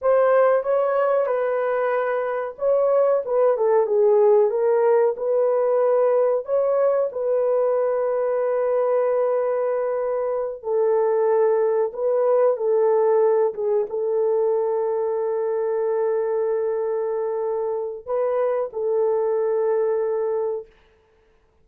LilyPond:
\new Staff \with { instrumentName = "horn" } { \time 4/4 \tempo 4 = 93 c''4 cis''4 b'2 | cis''4 b'8 a'8 gis'4 ais'4 | b'2 cis''4 b'4~ | b'1~ |
b'8 a'2 b'4 a'8~ | a'4 gis'8 a'2~ a'8~ | a'1 | b'4 a'2. | }